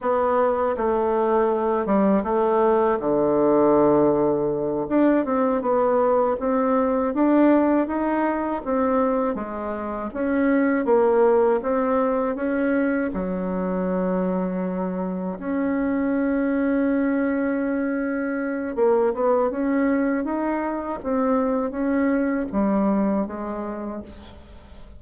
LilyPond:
\new Staff \with { instrumentName = "bassoon" } { \time 4/4 \tempo 4 = 80 b4 a4. g8 a4 | d2~ d8 d'8 c'8 b8~ | b8 c'4 d'4 dis'4 c'8~ | c'8 gis4 cis'4 ais4 c'8~ |
c'8 cis'4 fis2~ fis8~ | fis8 cis'2.~ cis'8~ | cis'4 ais8 b8 cis'4 dis'4 | c'4 cis'4 g4 gis4 | }